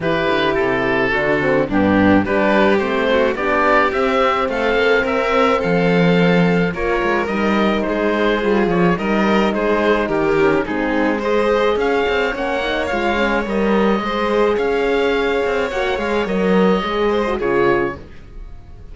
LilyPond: <<
  \new Staff \with { instrumentName = "oboe" } { \time 4/4 \tempo 4 = 107 b'4 a'2 g'4 | b'4 c''4 d''4 e''4 | f''4 e''4 f''2 | cis''4 dis''4 c''4. cis''8 |
dis''4 c''4 ais'4 gis'4 | dis''4 f''4 fis''4 f''4 | dis''2 f''2 | fis''8 f''8 dis''2 cis''4 | }
  \new Staff \with { instrumentName = "violin" } { \time 4/4 g'2 fis'4 d'4 | g'4. fis'8 g'2 | a'4 ais'4 a'2 | ais'2 gis'2 |
ais'4 gis'4 g'4 dis'4 | c''4 cis''2.~ | cis''4 c''4 cis''2~ | cis''2~ cis''8 c''8 gis'4 | }
  \new Staff \with { instrumentName = "horn" } { \time 4/4 e'2 d'8 c'8 b4 | d'4 c'4 d'4 c'4~ | c'1 | f'4 dis'2 f'4 |
dis'2~ dis'8 cis'8 c'4 | gis'2 cis'8 dis'8 f'8 cis'8 | ais'4 gis'2. | fis'8 gis'8 ais'4 gis'8. fis'16 f'4 | }
  \new Staff \with { instrumentName = "cello" } { \time 4/4 e8 d8 c4 d4 g,4 | g4 a4 b4 c'4 | a8 ais8 c'4 f2 | ais8 gis8 g4 gis4 g8 f8 |
g4 gis4 dis4 gis4~ | gis4 cis'8 c'8 ais4 gis4 | g4 gis4 cis'4. c'8 | ais8 gis8 fis4 gis4 cis4 | }
>>